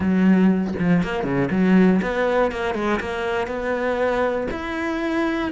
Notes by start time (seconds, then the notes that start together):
0.00 F#3
0.79 F3
1.03 A#3
1.23 C#3
1.50 F#3
2.02 B3
2.51 A#3
2.74 G#3
3.00 A#3
3.47 B3
4.51 E4